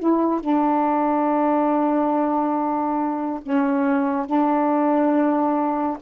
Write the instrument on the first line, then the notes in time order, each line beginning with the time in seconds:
saxophone
0.00 E4
0.41 D4
3.43 C#4
4.27 D4